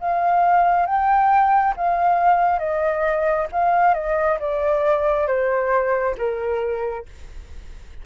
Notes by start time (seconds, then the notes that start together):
0.00 F5
0.86 G5
1.76 F5
2.59 D#5
3.52 F5
3.94 D#5
4.40 D5
5.27 C5
6.18 A#4